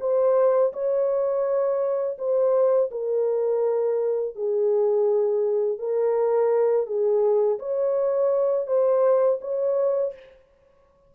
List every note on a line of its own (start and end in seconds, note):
0.00 0.72 C5
0.73 2.17 C#5
2.18 2.90 C5
2.91 4.35 A#4
4.35 5.79 G#4
5.79 6.86 A#4
6.86 7.58 G#4
7.59 8.66 C#5
8.66 9.39 C5
9.41 10.13 C#5